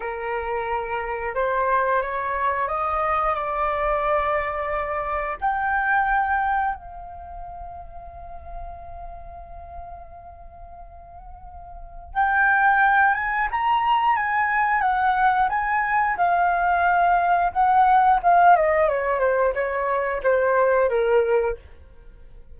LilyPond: \new Staff \with { instrumentName = "flute" } { \time 4/4 \tempo 4 = 89 ais'2 c''4 cis''4 | dis''4 d''2. | g''2 f''2~ | f''1~ |
f''2 g''4. gis''8 | ais''4 gis''4 fis''4 gis''4 | f''2 fis''4 f''8 dis''8 | cis''8 c''8 cis''4 c''4 ais'4 | }